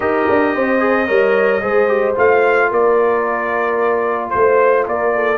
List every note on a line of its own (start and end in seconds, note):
0.00 0.25 D#4
0.00 0.79 G4
0.00 0.54 A#4
0.00 2.14 D#5
0.28 0.55 D4
0.54 1.09 C4
0.54 1.06 C5
0.79 1.06 G#4
1.06 1.62 G3
1.06 1.61 A#4
1.06 1.60 C#5
1.61 2.16 G#3
1.61 1.87 G#4
1.61 2.69 C5
1.87 2.14 G4
2.15 2.71 A3
2.15 5.38 F4
2.15 2.72 F5
2.70 4.33 A#3
2.70 4.32 A#4
2.70 4.29 D5
4.29 4.87 A3
4.29 4.83 C5
4.29 4.87 C5
4.87 5.38 A#3
4.87 5.14 A#4
4.87 5.38 D5
5.14 5.38 A4